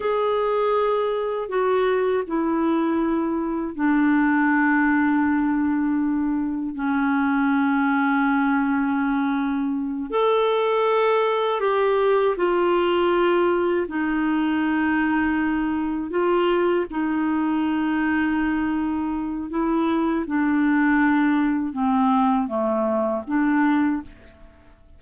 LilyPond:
\new Staff \with { instrumentName = "clarinet" } { \time 4/4 \tempo 4 = 80 gis'2 fis'4 e'4~ | e'4 d'2.~ | d'4 cis'2.~ | cis'4. a'2 g'8~ |
g'8 f'2 dis'4.~ | dis'4. f'4 dis'4.~ | dis'2 e'4 d'4~ | d'4 c'4 a4 d'4 | }